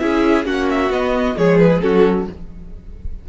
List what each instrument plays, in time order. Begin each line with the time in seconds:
0.00 cello C#4, viola E4, violin G#4 E5
0.45 cello A#3, viola C#4, violin F#4 F#5
0.71 violin E5
0.90 cello B3, viola B3, violin D#5
1.37 cello F3, viola G#3, violin G#4 C#5
1.59 violin B4
1.82 cello F#3, viola C#4, violin F#4 A4